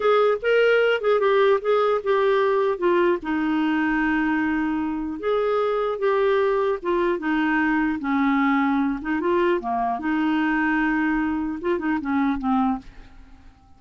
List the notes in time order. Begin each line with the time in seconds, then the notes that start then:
0.00 G#4
0.42 A#4
1.01 G#4
1.20 G4
1.61 G#4
2.03 G4
2.77 F4
3.22 D#4
5.19 G#4
5.98 G4
6.82 F4
7.18 D#4
7.99 C#4
9.01 D#4
9.20 F4
9.60 A#3
9.99 D#4
11.61 F4
11.78 D#4
12.00 C#4
12.38 C4